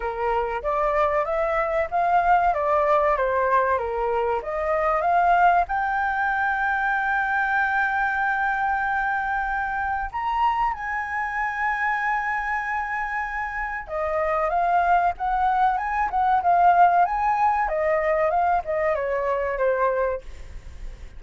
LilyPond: \new Staff \with { instrumentName = "flute" } { \time 4/4 \tempo 4 = 95 ais'4 d''4 e''4 f''4 | d''4 c''4 ais'4 dis''4 | f''4 g''2.~ | g''1 |
ais''4 gis''2.~ | gis''2 dis''4 f''4 | fis''4 gis''8 fis''8 f''4 gis''4 | dis''4 f''8 dis''8 cis''4 c''4 | }